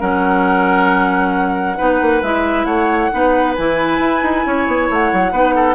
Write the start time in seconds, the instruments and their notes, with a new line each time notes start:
0.00 bassoon F#3, clarinet C#4, oboe A#4, flute F#5
1.78 bassoon B3, clarinet D#4, oboe B4
2.02 bassoon A#3
2.23 bassoon G#3, clarinet E4, flute E5
2.65 bassoon A3, oboe C#5, flute F#5
3.12 bassoon B3, clarinet D#4, oboe B4
3.56 bassoon E3, clarinet E4, flute G#5
4.00 bassoon E4
4.23 bassoon D#4
4.46 bassoon C#4, oboe C#5
4.67 bassoon B3
4.90 bassoon A3, flute F#5
5.13 bassoon F#3
5.32 bassoon B3, clarinet D#4, oboe B4
5.55 oboe A4